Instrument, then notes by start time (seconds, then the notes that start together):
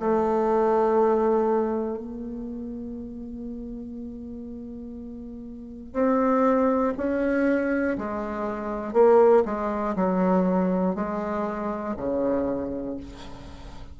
bassoon
0.00 A3
1.98 A#3
5.94 C4
6.97 C#4
7.99 G#3
8.94 A#3
9.46 G#3
9.96 F#3
10.95 G#3
11.97 C#3